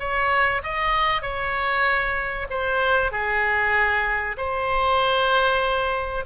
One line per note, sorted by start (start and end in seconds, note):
0.00 0.62 C#5
0.63 1.22 D#5
1.22 2.47 C#5
2.50 3.12 C5
3.12 4.37 G#4
4.38 6.25 C5